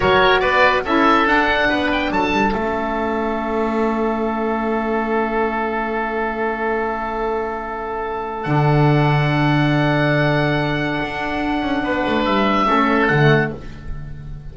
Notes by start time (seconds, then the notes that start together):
0.00 F#3 F#4 A#4 C#5
0.39 B3 B4 D5
0.84 C#4 E4 A4 E5
1.26 D4 F#5
1.68 B3 B4
1.92 G5
2.10 F#3 A4 A5
2.31 G3
2.53 A3 C#4 E5
8.43 D3 D4 F#5
11.03 D4
11.61 C#4
11.82 B3 B4
12.06 A3
12.25 G3 E5
12.66 A3 C#4 A4
13.07 D3 F#5
13.14 A3